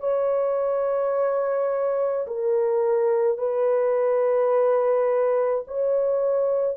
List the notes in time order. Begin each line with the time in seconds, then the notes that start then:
0.00 C#5
2.27 A#4
3.39 B4
5.68 C#5